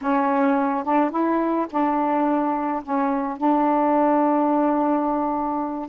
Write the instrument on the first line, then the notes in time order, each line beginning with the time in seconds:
saxophone
0.01 C#4
0.84 D4
1.10 E4
1.70 D4
2.83 C#4
3.37 D4